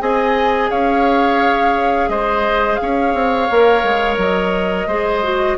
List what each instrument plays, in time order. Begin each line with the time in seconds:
0.00 bassoon C4, clarinet G#4, oboe D#5, flute G#5
0.70 bassoon C#4, oboe C#5, flute F5
2.08 bassoon G#3, oboe C5, flute D#5
2.76 bassoon C#4, flute F5
2.82 oboe C#5
3.14 bassoon C4
3.50 bassoon A#3, clarinet A#4
3.83 bassoon G#3
4.17 bassoon F#3, flute D#5
4.86 bassoon G#3, clarinet G#4, oboe C5
5.23 clarinet F#4